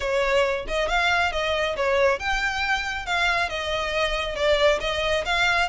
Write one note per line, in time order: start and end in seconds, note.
0.00 0.65 C#5
0.67 0.88 D#5
0.88 1.32 F5
1.32 1.76 D#5
1.76 2.19 C#5
2.19 3.06 G5
3.06 3.49 F5
3.49 4.35 D#5
4.35 4.79 D5
4.80 5.24 D#5
5.25 5.69 F5